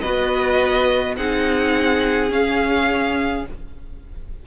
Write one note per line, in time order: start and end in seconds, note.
0.00 1.17 B3
0.00 1.16 F#4
0.00 1.16 B4
0.00 1.14 D#5
1.16 2.30 C4
1.16 2.29 D#4
1.16 3.46 G#4
1.16 2.31 F#5
2.29 3.44 C#4
2.29 3.45 C#4
2.29 3.46 F5